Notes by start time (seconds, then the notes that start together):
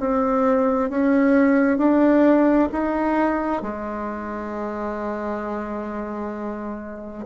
0.00 C4
0.90 C#4
1.78 D4
2.73 D#4
3.62 G#3